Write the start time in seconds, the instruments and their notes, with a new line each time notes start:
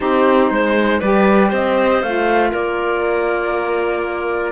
0.00 cello C4, saxophone D#4, clarinet G4, flute C5
0.50 cello G#3, clarinet C5
1.00 cello G3, saxophone G4, clarinet B4, flute D5
1.48 cello C4, clarinet C5, flute D#5
2.02 cello A3, saxophone F4, flute F5
2.51 cello A#3, clarinet A#4, flute D5